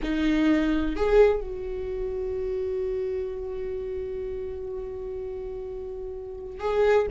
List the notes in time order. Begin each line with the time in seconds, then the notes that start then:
0.02 D#4
0.96 G#4
1.40 F#4
6.59 G#4